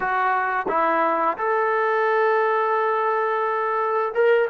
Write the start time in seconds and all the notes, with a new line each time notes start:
0.00 F#4
0.68 E4
1.37 A4
4.14 A#4